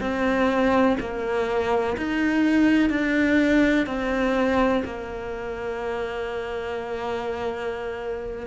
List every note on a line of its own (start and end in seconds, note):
0.00 0.97 C4
0.99 1.96 A#3
1.97 2.89 D#4
2.89 3.86 D4
3.86 4.83 C4
4.84 8.47 A#3